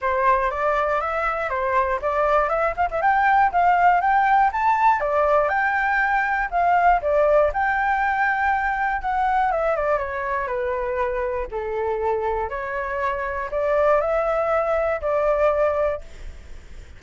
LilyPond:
\new Staff \with { instrumentName = "flute" } { \time 4/4 \tempo 4 = 120 c''4 d''4 e''4 c''4 | d''4 e''8 f''16 e''16 g''4 f''4 | g''4 a''4 d''4 g''4~ | g''4 f''4 d''4 g''4~ |
g''2 fis''4 e''8 d''8 | cis''4 b'2 a'4~ | a'4 cis''2 d''4 | e''2 d''2 | }